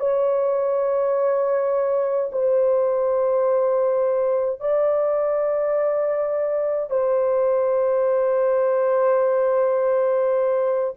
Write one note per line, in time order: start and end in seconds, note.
0.00 2.31 C#5
2.32 4.60 C5
4.60 6.90 D5
6.90 10.94 C5